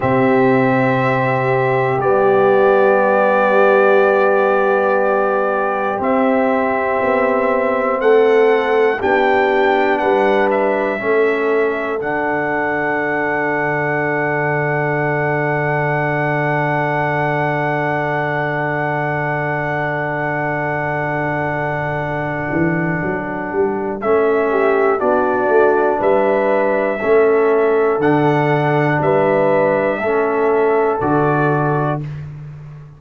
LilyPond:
<<
  \new Staff \with { instrumentName = "trumpet" } { \time 4/4 \tempo 4 = 60 e''2 d''2~ | d''2 e''2 | fis''4 g''4 fis''8 e''4. | fis''1~ |
fis''1~ | fis''1 | e''4 d''4 e''2 | fis''4 e''2 d''4 | }
  \new Staff \with { instrumentName = "horn" } { \time 4/4 g'1~ | g'1 | a'4 g'4 b'4 a'4~ | a'1~ |
a'1~ | a'1~ | a'8 g'8 fis'4 b'4 a'4~ | a'4 b'4 a'2 | }
  \new Staff \with { instrumentName = "trombone" } { \time 4/4 c'2 b2~ | b2 c'2~ | c'4 d'2 cis'4 | d'1~ |
d'1~ | d'1 | cis'4 d'2 cis'4 | d'2 cis'4 fis'4 | }
  \new Staff \with { instrumentName = "tuba" } { \time 4/4 c2 g2~ | g2 c'4 b4 | a4 b4 g4 a4 | d1~ |
d1~ | d2~ d8 e8 fis8 g8 | a4 b8 a8 g4 a4 | d4 g4 a4 d4 | }
>>